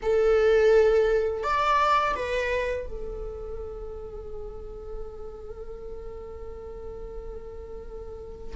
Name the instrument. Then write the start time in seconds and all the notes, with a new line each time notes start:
viola
0.02 A4
1.43 D5
2.15 B4
2.86 A4